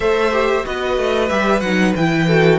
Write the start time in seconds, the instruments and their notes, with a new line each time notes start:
0.00 cello A3, viola A4, violin C5 E5
0.32 viola G4
0.64 cello B3, viola F#4, violin B4 D#5
0.97 cello A3
1.28 cello G3, viola G4, violin E5
1.60 cello F#3, viola D#4, violin F#5
1.96 cello E3, viola E4, violin G5
2.26 viola F#4, violin A4